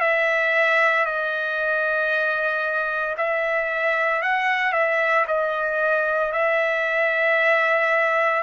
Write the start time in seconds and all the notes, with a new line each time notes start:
0.00 E5
1.05 D#5
3.17 E5
4.22 F#5
4.72 E5
5.27 D#5
6.32 E5